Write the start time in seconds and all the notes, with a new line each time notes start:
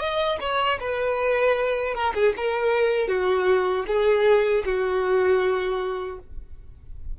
0.00 D#5
0.40 C#5
0.80 B4
1.94 A#4
2.14 G#4
2.37 A#4
3.08 F#4
3.87 G#4
4.65 F#4